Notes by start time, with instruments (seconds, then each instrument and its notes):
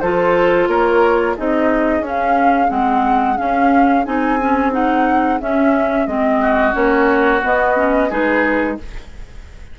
0.00 bassoon F3, clarinet F4, oboe A4, flute C5
0.67 bassoon A#3, oboe A#4, flute C#5
1.36 bassoon C4, clarinet D#4, oboe G#4, flute D#5
2.00 bassoon C#4, clarinet C#4
2.07 flute F5
2.68 bassoon G#3, clarinet C4, flute F#5
3.37 clarinet C#4, bassoon C#4, flute F5
4.05 bassoon C4, clarinet D#4, flute G#5
4.40 clarinet C#4
4.72 clarinet D#4, flute F#5
5.40 clarinet C#4, bassoon C#4, flute E5
6.06 bassoon G#3, clarinet C4, flute D#5
6.40 oboe F#4
6.73 bassoon A#3, clarinet C#4, flute C#5
7.43 clarinet B3, bassoon B3, flute D#5
7.76 clarinet C#4
8.09 bassoon G#3, clarinet D#4, oboe G#4, flute B4